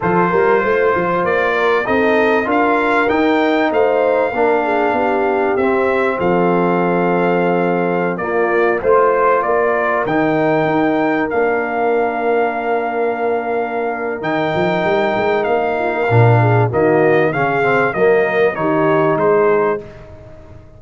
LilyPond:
<<
  \new Staff \with { instrumentName = "trumpet" } { \time 4/4 \tempo 4 = 97 c''2 d''4 dis''4 | f''4 g''4 f''2~ | f''4 e''4 f''2~ | f''4~ f''16 d''4 c''4 d''8.~ |
d''16 g''2 f''4.~ f''16~ | f''2. g''4~ | g''4 f''2 dis''4 | f''4 dis''4 cis''4 c''4 | }
  \new Staff \with { instrumentName = "horn" } { \time 4/4 a'8 ais'8 c''4. ais'8 a'4 | ais'2 c''4 ais'8 gis'8 | g'2 a'2~ | a'4~ a'16 f'4 c''4 ais'8.~ |
ais'1~ | ais'1~ | ais'4. f'16 ais'8. gis'8 fis'4 | gis'4 ais'4 g'4 gis'4 | }
  \new Staff \with { instrumentName = "trombone" } { \time 4/4 f'2. dis'4 | f'4 dis'2 d'4~ | d'4 c'2.~ | c'4~ c'16 ais4 f'4.~ f'16~ |
f'16 dis'2 d'4.~ d'16~ | d'2. dis'4~ | dis'2 d'4 ais4 | cis'8 c'8 ais4 dis'2 | }
  \new Staff \with { instrumentName = "tuba" } { \time 4/4 f8 g8 a8 f8 ais4 c'4 | d'4 dis'4 a4 ais4 | b4 c'4 f2~ | f4~ f16 ais4 a4 ais8.~ |
ais16 dis4 dis'4 ais4.~ ais16~ | ais2. dis8 f8 | g8 gis8 ais4 ais,4 dis4 | cis4 fis4 dis4 gis4 | }
>>